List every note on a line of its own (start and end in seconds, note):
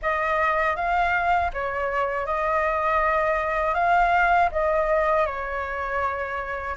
0.01 0.76 D#5
0.76 1.51 F5
1.53 2.26 C#5
2.26 3.74 D#5
3.74 4.49 F5
4.51 5.26 D#5
5.26 6.76 C#5